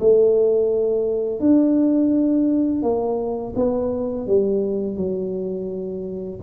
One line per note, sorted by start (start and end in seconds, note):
0.00 1.40 A3
1.40 2.82 D4
2.82 3.54 A#3
3.56 4.27 B3
4.27 4.97 G3
4.97 6.40 F#3